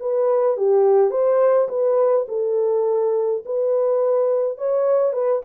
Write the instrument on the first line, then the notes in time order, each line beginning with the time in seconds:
horn
0.00 B4
0.57 G4
1.11 C5
1.69 B4
2.29 A4
3.46 B4
4.58 C#5
5.13 B4